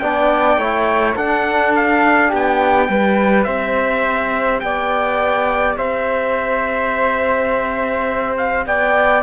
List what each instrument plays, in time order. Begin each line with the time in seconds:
0.00 cello B3, trombone D4, flute D5, trumpet G5
0.58 cello A3, trombone E4, flute C#5
1.16 cello D4, trombone D4, flute A4, trumpet F#5
1.76 trumpet F5
2.29 cello B3, flute G4
2.36 trumpet G5
2.89 cello G3, trombone G4, flute B4
3.44 cello C4, flute C5, trumpet E5
4.60 cello B3, flute D5, trumpet G5
5.78 cello C4, flute C5, trumpet E5
8.38 trumpet F5
8.66 cello B3, flute D5, trumpet G5